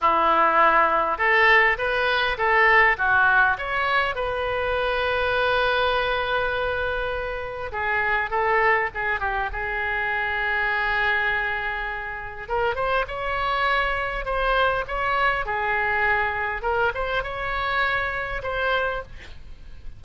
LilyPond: \new Staff \with { instrumentName = "oboe" } { \time 4/4 \tempo 4 = 101 e'2 a'4 b'4 | a'4 fis'4 cis''4 b'4~ | b'1~ | b'4 gis'4 a'4 gis'8 g'8 |
gis'1~ | gis'4 ais'8 c''8 cis''2 | c''4 cis''4 gis'2 | ais'8 c''8 cis''2 c''4 | }